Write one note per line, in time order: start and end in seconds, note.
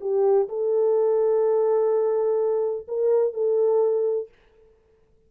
0.00 0.48 G4
0.48 2.86 A4
2.87 3.33 A#4
3.33 4.28 A4